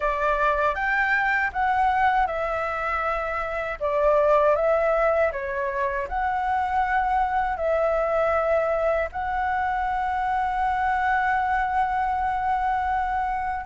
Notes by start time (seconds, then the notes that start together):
0.00 D5
0.74 G5
1.53 F#5
2.26 E5
3.80 D5
4.55 E5
5.32 C#5
6.08 F#5
7.56 E5
9.12 F#5